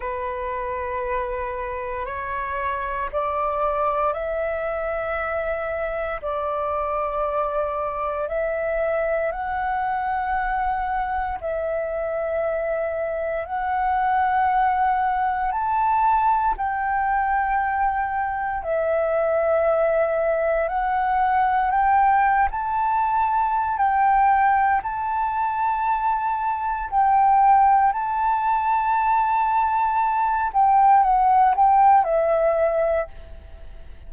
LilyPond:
\new Staff \with { instrumentName = "flute" } { \time 4/4 \tempo 4 = 58 b'2 cis''4 d''4 | e''2 d''2 | e''4 fis''2 e''4~ | e''4 fis''2 a''4 |
g''2 e''2 | fis''4 g''8. a''4~ a''16 g''4 | a''2 g''4 a''4~ | a''4. g''8 fis''8 g''8 e''4 | }